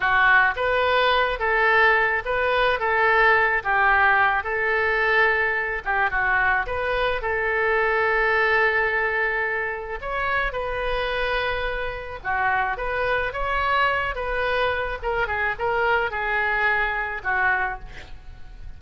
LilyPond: \new Staff \with { instrumentName = "oboe" } { \time 4/4 \tempo 4 = 108 fis'4 b'4. a'4. | b'4 a'4. g'4. | a'2~ a'8 g'8 fis'4 | b'4 a'2.~ |
a'2 cis''4 b'4~ | b'2 fis'4 b'4 | cis''4. b'4. ais'8 gis'8 | ais'4 gis'2 fis'4 | }